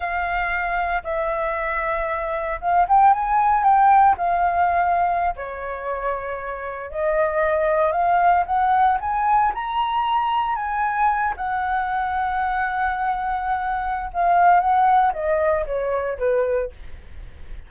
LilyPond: \new Staff \with { instrumentName = "flute" } { \time 4/4 \tempo 4 = 115 f''2 e''2~ | e''4 f''8 g''8 gis''4 g''4 | f''2~ f''16 cis''4.~ cis''16~ | cis''4~ cis''16 dis''2 f''8.~ |
f''16 fis''4 gis''4 ais''4.~ ais''16~ | ais''16 gis''4. fis''2~ fis''16~ | fis''2. f''4 | fis''4 dis''4 cis''4 b'4 | }